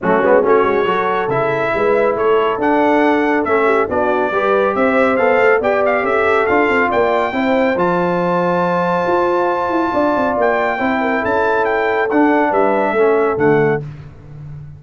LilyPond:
<<
  \new Staff \with { instrumentName = "trumpet" } { \time 4/4 \tempo 4 = 139 fis'4 cis''2 e''4~ | e''4 cis''4 fis''2 | e''4 d''2 e''4 | f''4 g''8 f''8 e''4 f''4 |
g''2 a''2~ | a''1 | g''2 a''4 g''4 | fis''4 e''2 fis''4 | }
  \new Staff \with { instrumentName = "horn" } { \time 4/4 cis'4 fis'4 a'2 | b'4 a'2.~ | a'8 g'8 fis'4 b'4 c''4~ | c''4 d''4 a'2 |
d''4 c''2.~ | c''2. d''4~ | d''4 c''8 ais'8 a'2~ | a'4 b'4 a'2 | }
  \new Staff \with { instrumentName = "trombone" } { \time 4/4 a8 b8 cis'4 fis'4 e'4~ | e'2 d'2 | cis'4 d'4 g'2 | a'4 g'2 f'4~ |
f'4 e'4 f'2~ | f'1~ | f'4 e'2. | d'2 cis'4 a4 | }
  \new Staff \with { instrumentName = "tuba" } { \time 4/4 fis8 gis8 a8 gis8 fis4 cis4 | gis4 a4 d'2 | a4 b4 g4 c'4 | b8 a8 b4 cis'4 d'8 c'8 |
ais4 c'4 f2~ | f4 f'4. e'8 d'8 c'8 | ais4 c'4 cis'2 | d'4 g4 a4 d4 | }
>>